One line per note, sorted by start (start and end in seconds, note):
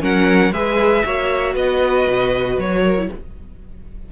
0.00 0.51 F#3
0.00 0.51 C#4
0.00 0.53 A#4
0.00 0.53 F#5
0.51 1.03 G#3
0.51 1.04 G#4
0.51 1.04 B4
0.51 1.55 E5
1.05 1.55 A#3
1.05 2.97 F#4
1.05 1.54 C#5
1.54 2.06 B3
1.54 2.81 B4
1.54 2.59 D#5
2.07 2.57 B2
2.57 3.09 F#3
2.57 3.11 C#5
2.81 3.07 A#4
2.97 3.09 E4